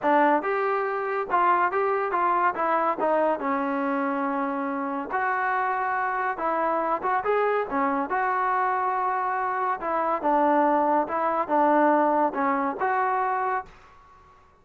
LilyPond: \new Staff \with { instrumentName = "trombone" } { \time 4/4 \tempo 4 = 141 d'4 g'2 f'4 | g'4 f'4 e'4 dis'4 | cis'1 | fis'2. e'4~ |
e'8 fis'8 gis'4 cis'4 fis'4~ | fis'2. e'4 | d'2 e'4 d'4~ | d'4 cis'4 fis'2 | }